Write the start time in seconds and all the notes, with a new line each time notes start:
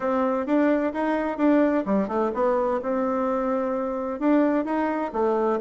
0.00 C4
0.46 D4
0.93 D#4
1.37 D4
1.85 G3
2.08 A3
2.34 B3
2.82 C4
4.19 D4
4.64 D#4
5.13 A3